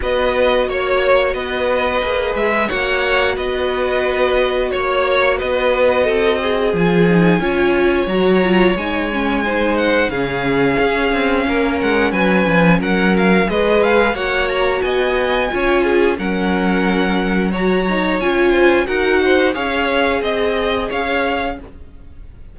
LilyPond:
<<
  \new Staff \with { instrumentName = "violin" } { \time 4/4 \tempo 4 = 89 dis''4 cis''4 dis''4. e''8 | fis''4 dis''2 cis''4 | dis''2 gis''2 | ais''4 gis''4. fis''8 f''4~ |
f''4. fis''8 gis''4 fis''8 f''8 | dis''8 f''8 fis''8 ais''8 gis''2 | fis''2 ais''4 gis''4 | fis''4 f''4 dis''4 f''4 | }
  \new Staff \with { instrumentName = "violin" } { \time 4/4 b'4 cis''4 b'2 | cis''4 b'2 cis''4 | b'4 a'8 gis'4. cis''4~ | cis''2 c''4 gis'4~ |
gis'4 ais'4 b'4 ais'4 | b'4 cis''4 dis''4 cis''8 gis'8 | ais'2 cis''4. c''8 | ais'8 c''8 cis''4 dis''4 cis''4 | }
  \new Staff \with { instrumentName = "viola" } { \time 4/4 fis'2. gis'4 | fis'1~ | fis'2 f'8 dis'8 f'4 | fis'8 f'8 dis'8 cis'8 dis'4 cis'4~ |
cis'1 | gis'4 fis'2 f'4 | cis'2 fis'8 dis'8 f'4 | fis'4 gis'2. | }
  \new Staff \with { instrumentName = "cello" } { \time 4/4 b4 ais4 b4 ais8 gis8 | ais4 b2 ais4 | b4 c'4 f4 cis'4 | fis4 gis2 cis4 |
cis'8 c'8 ais8 gis8 fis8 f8 fis4 | gis4 ais4 b4 cis'4 | fis2. cis'4 | dis'4 cis'4 c'4 cis'4 | }
>>